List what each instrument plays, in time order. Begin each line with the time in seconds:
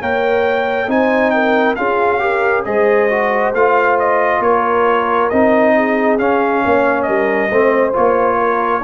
0.00 tuba A#3, trombone A#4, horn C#5, trumpet G5
0.87 tuba C4, trombone D#4, horn C5, trumpet G#5
1.30 horn A#4, trumpet G5
1.76 tuba C#4, trombone F4, horn G#4, trumpet F5
2.19 trombone G4, horn A#4
2.65 tuba G#3, trombone G#4, horn C5, trumpet D#5
3.10 trombone F#4
3.53 tuba A3, trombone F4, trumpet F5
3.99 trumpet D#5
4.40 tuba A#3, horn A#4, trumpet C#5
5.29 tuba C4, trombone D#4, trumpet D#5
5.76 horn G#4
6.19 trombone C#4, tuba C#4, trumpet F5
6.64 tuba A#3, horn C#5
7.02 tuba G3, horn A#4, trumpet D#5
7.48 tuba A3, trombone C4, horn C5
7.93 tuba A#3, trombone F4, trumpet C#5
8.38 horn A#4